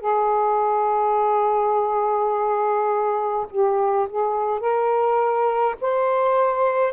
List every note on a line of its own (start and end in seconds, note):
0.00 3.46 G#4
3.50 4.08 G4
4.10 4.60 G#4
4.60 5.75 A#4
5.81 6.93 C5